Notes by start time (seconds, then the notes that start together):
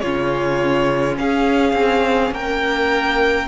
0.00 C#3 C#4 F4 C#5
1.19 C#4 G#4 F5
1.73 C4
2.31 A#3 A#4 G5